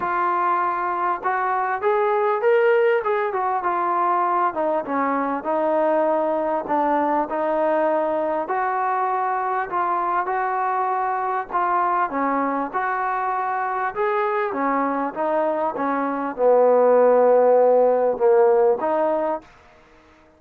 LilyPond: \new Staff \with { instrumentName = "trombone" } { \time 4/4 \tempo 4 = 99 f'2 fis'4 gis'4 | ais'4 gis'8 fis'8 f'4. dis'8 | cis'4 dis'2 d'4 | dis'2 fis'2 |
f'4 fis'2 f'4 | cis'4 fis'2 gis'4 | cis'4 dis'4 cis'4 b4~ | b2 ais4 dis'4 | }